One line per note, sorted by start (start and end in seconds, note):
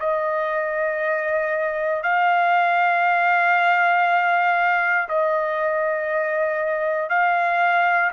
0.00 2.03 D#5
2.03 5.08 F5
5.08 7.10 D#5
7.10 8.11 F5